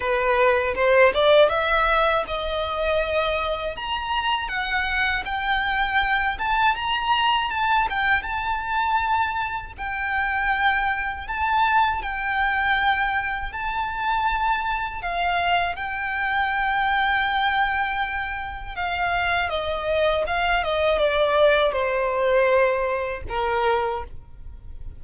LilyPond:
\new Staff \with { instrumentName = "violin" } { \time 4/4 \tempo 4 = 80 b'4 c''8 d''8 e''4 dis''4~ | dis''4 ais''4 fis''4 g''4~ | g''8 a''8 ais''4 a''8 g''8 a''4~ | a''4 g''2 a''4 |
g''2 a''2 | f''4 g''2.~ | g''4 f''4 dis''4 f''8 dis''8 | d''4 c''2 ais'4 | }